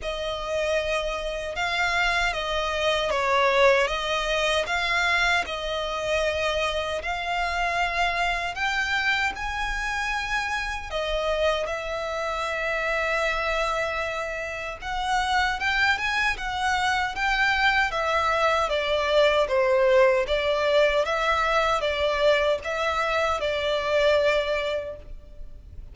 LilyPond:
\new Staff \with { instrumentName = "violin" } { \time 4/4 \tempo 4 = 77 dis''2 f''4 dis''4 | cis''4 dis''4 f''4 dis''4~ | dis''4 f''2 g''4 | gis''2 dis''4 e''4~ |
e''2. fis''4 | g''8 gis''8 fis''4 g''4 e''4 | d''4 c''4 d''4 e''4 | d''4 e''4 d''2 | }